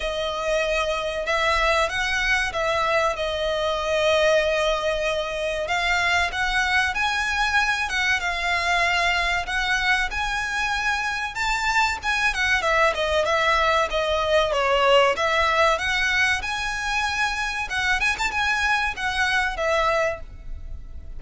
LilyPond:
\new Staff \with { instrumentName = "violin" } { \time 4/4 \tempo 4 = 95 dis''2 e''4 fis''4 | e''4 dis''2.~ | dis''4 f''4 fis''4 gis''4~ | gis''8 fis''8 f''2 fis''4 |
gis''2 a''4 gis''8 fis''8 | e''8 dis''8 e''4 dis''4 cis''4 | e''4 fis''4 gis''2 | fis''8 gis''16 a''16 gis''4 fis''4 e''4 | }